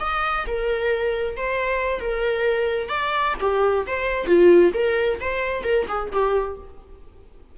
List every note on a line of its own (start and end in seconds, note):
0.00 0.45 D#5
0.47 1.37 A#4
1.37 2.00 C5
2.00 2.89 A#4
2.89 3.34 D5
3.40 3.86 G4
3.87 4.26 C5
4.26 4.72 F4
4.73 5.19 A#4
5.20 5.64 C5
5.64 5.86 A#4
5.88 6.11 G#4
6.12 6.58 G4